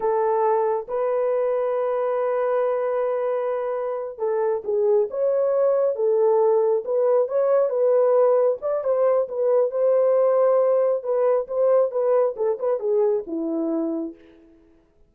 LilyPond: \new Staff \with { instrumentName = "horn" } { \time 4/4 \tempo 4 = 136 a'2 b'2~ | b'1~ | b'4. a'4 gis'4 cis''8~ | cis''4. a'2 b'8~ |
b'8 cis''4 b'2 d''8 | c''4 b'4 c''2~ | c''4 b'4 c''4 b'4 | a'8 b'8 gis'4 e'2 | }